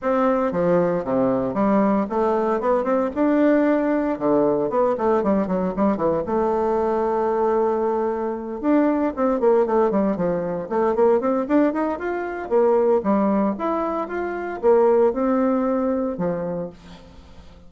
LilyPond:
\new Staff \with { instrumentName = "bassoon" } { \time 4/4 \tempo 4 = 115 c'4 f4 c4 g4 | a4 b8 c'8 d'2 | d4 b8 a8 g8 fis8 g8 e8 | a1~ |
a8 d'4 c'8 ais8 a8 g8 f8~ | f8 a8 ais8 c'8 d'8 dis'8 f'4 | ais4 g4 e'4 f'4 | ais4 c'2 f4 | }